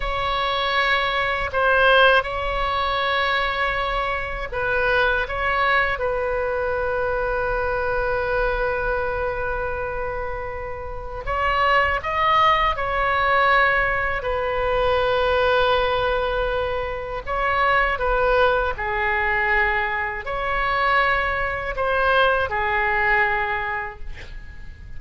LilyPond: \new Staff \with { instrumentName = "oboe" } { \time 4/4 \tempo 4 = 80 cis''2 c''4 cis''4~ | cis''2 b'4 cis''4 | b'1~ | b'2. cis''4 |
dis''4 cis''2 b'4~ | b'2. cis''4 | b'4 gis'2 cis''4~ | cis''4 c''4 gis'2 | }